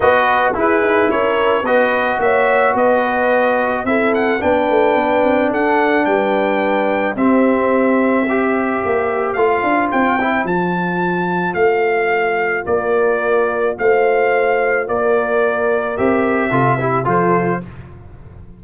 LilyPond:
<<
  \new Staff \with { instrumentName = "trumpet" } { \time 4/4 \tempo 4 = 109 dis''4 b'4 cis''4 dis''4 | e''4 dis''2 e''8 fis''8 | g''2 fis''4 g''4~ | g''4 e''2.~ |
e''4 f''4 g''4 a''4~ | a''4 f''2 d''4~ | d''4 f''2 d''4~ | d''4 e''2 c''4 | }
  \new Staff \with { instrumentName = "horn" } { \time 4/4 b'4 gis'4 ais'4 b'4 | cis''4 b'2 a'4 | b'2 a'4 b'4~ | b'4 g'2 c''4~ |
c''1~ | c''2. ais'4~ | ais'4 c''2 ais'4~ | ais'2 a'8 g'8 a'4 | }
  \new Staff \with { instrumentName = "trombone" } { \time 4/4 fis'4 e'2 fis'4~ | fis'2. e'4 | d'1~ | d'4 c'2 g'4~ |
g'4 f'4. e'8 f'4~ | f'1~ | f'1~ | f'4 g'4 f'8 e'8 f'4 | }
  \new Staff \with { instrumentName = "tuba" } { \time 4/4 b4 e'8 dis'8 cis'4 b4 | ais4 b2 c'4 | b8 a8 b8 c'8 d'4 g4~ | g4 c'2. |
ais4 a8 d'8 c'4 f4~ | f4 a2 ais4~ | ais4 a2 ais4~ | ais4 c'4 c4 f4 | }
>>